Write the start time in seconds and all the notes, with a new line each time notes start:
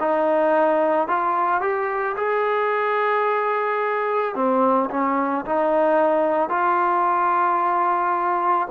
0.00 D#4
1.08 F4
1.61 G4
2.17 G#4
4.35 C4
4.90 C#4
5.45 D#4
6.50 F4